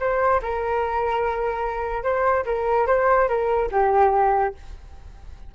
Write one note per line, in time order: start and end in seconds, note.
0.00 0.41 C5
0.42 2.04 A#4
2.04 2.45 C5
2.45 2.87 A#4
2.87 3.28 C5
3.29 3.70 A#4
3.72 4.54 G4